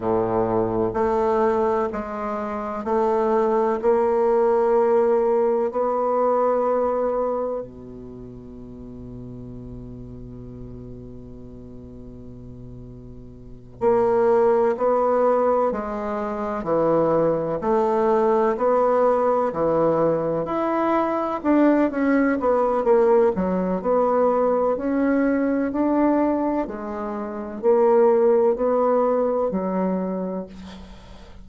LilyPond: \new Staff \with { instrumentName = "bassoon" } { \time 4/4 \tempo 4 = 63 a,4 a4 gis4 a4 | ais2 b2 | b,1~ | b,2~ b,8 ais4 b8~ |
b8 gis4 e4 a4 b8~ | b8 e4 e'4 d'8 cis'8 b8 | ais8 fis8 b4 cis'4 d'4 | gis4 ais4 b4 fis4 | }